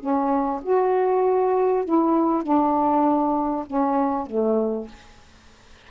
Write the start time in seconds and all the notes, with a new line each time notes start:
0.00 C#4
0.63 F#4
1.85 E4
2.44 D4
3.67 C#4
4.27 A3